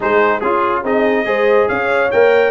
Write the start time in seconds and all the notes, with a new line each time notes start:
0.00 G#3 D#4 G#4 C5
0.40 C#4 F4 G#4
0.82 C4 D#4 G#4 D#5
1.25 G#3 G#4 C5
1.68 C#4 C#5 F5
2.11 A#3 A#4 G5